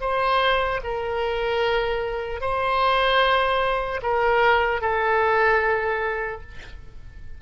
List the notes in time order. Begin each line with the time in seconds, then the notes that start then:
0.00 C5
0.83 A#4
2.40 C5
4.02 A#4
4.81 A4